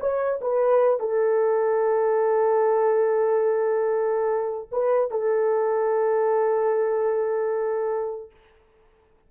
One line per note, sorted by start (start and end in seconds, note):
0.00 0.40 C#5
0.41 1.00 B4
1.00 4.70 A4
4.72 5.11 B4
5.11 8.31 A4